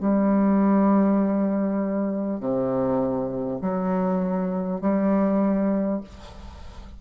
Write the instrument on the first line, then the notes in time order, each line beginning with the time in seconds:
bassoon
0.00 G3
2.41 C3
3.61 F#3
4.81 G3